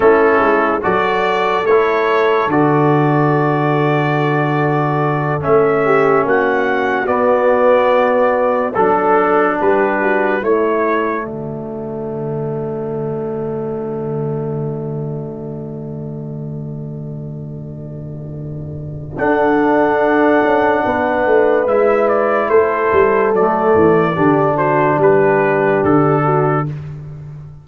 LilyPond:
<<
  \new Staff \with { instrumentName = "trumpet" } { \time 4/4 \tempo 4 = 72 a'4 d''4 cis''4 d''4~ | d''2~ d''8 e''4 fis''8~ | fis''8 d''2 a'4 b'8~ | b'8 cis''4 d''2~ d''8~ |
d''1~ | d''2. fis''4~ | fis''2 e''8 d''8 c''4 | d''4. c''8 b'4 a'4 | }
  \new Staff \with { instrumentName = "horn" } { \time 4/4 e'4 a'2.~ | a'2. g'8 fis'8~ | fis'2~ fis'8 a'4 g'8 | fis'8 e'4 fis'2~ fis'8~ |
fis'1~ | fis'2. a'4~ | a'4 b'2 a'4~ | a'4 g'8 fis'8 g'4. fis'8 | }
  \new Staff \with { instrumentName = "trombone" } { \time 4/4 cis'4 fis'4 e'4 fis'4~ | fis'2~ fis'8 cis'4.~ | cis'8 b2 d'4.~ | d'8 a2.~ a8~ |
a1~ | a2. d'4~ | d'2 e'2 | a4 d'2. | }
  \new Staff \with { instrumentName = "tuba" } { \time 4/4 a8 gis8 fis4 a4 d4~ | d2~ d8 a4 ais8~ | ais8 b2 fis4 g8~ | g8 a4 d2~ d8~ |
d1~ | d2. d'4~ | d'8 cis'8 b8 a8 gis4 a8 g8 | fis8 e8 d4 g4 d4 | }
>>